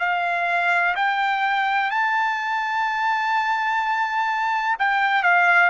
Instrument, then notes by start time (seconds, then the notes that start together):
trumpet
0.00 F5
0.96 G5
1.91 A5
4.80 G5
5.23 F5